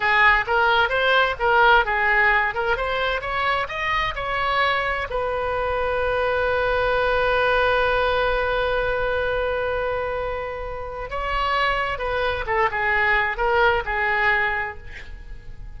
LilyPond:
\new Staff \with { instrumentName = "oboe" } { \time 4/4 \tempo 4 = 130 gis'4 ais'4 c''4 ais'4 | gis'4. ais'8 c''4 cis''4 | dis''4 cis''2 b'4~ | b'1~ |
b'1~ | b'1 | cis''2 b'4 a'8 gis'8~ | gis'4 ais'4 gis'2 | }